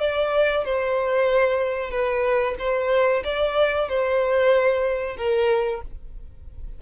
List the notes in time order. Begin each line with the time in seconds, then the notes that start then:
0.00 D5
0.65 C5
1.90 B4
2.58 C5
3.24 D5
3.89 C5
5.17 A#4